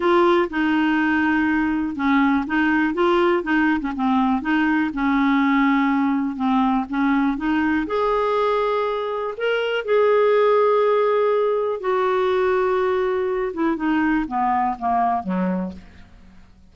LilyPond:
\new Staff \with { instrumentName = "clarinet" } { \time 4/4 \tempo 4 = 122 f'4 dis'2. | cis'4 dis'4 f'4 dis'8. cis'16 | c'4 dis'4 cis'2~ | cis'4 c'4 cis'4 dis'4 |
gis'2. ais'4 | gis'1 | fis'2.~ fis'8 e'8 | dis'4 b4 ais4 fis4 | }